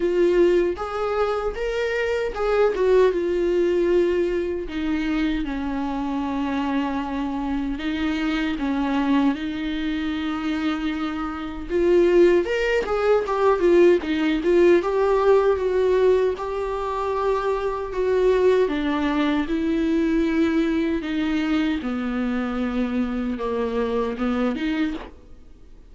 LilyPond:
\new Staff \with { instrumentName = "viola" } { \time 4/4 \tempo 4 = 77 f'4 gis'4 ais'4 gis'8 fis'8 | f'2 dis'4 cis'4~ | cis'2 dis'4 cis'4 | dis'2. f'4 |
ais'8 gis'8 g'8 f'8 dis'8 f'8 g'4 | fis'4 g'2 fis'4 | d'4 e'2 dis'4 | b2 ais4 b8 dis'8 | }